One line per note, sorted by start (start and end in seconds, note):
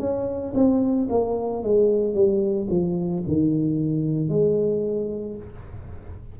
0.00 0.54 C#4
0.55 1.08 C4
1.10 1.63 A#3
1.63 2.14 G#3
2.14 2.68 G3
2.70 3.23 F3
3.28 4.29 D#3
4.29 5.36 G#3